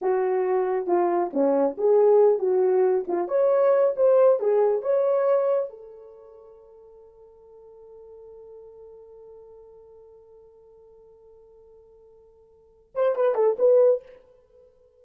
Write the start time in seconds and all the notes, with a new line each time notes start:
0.01 F#4
0.86 F4
1.33 C#4
1.77 G#4
2.38 F#4
3.07 F4
3.28 C#5
3.96 C5
4.39 G#4
4.82 C#5
5.69 A4
12.94 C5
13.15 B4
13.35 A4
13.58 B4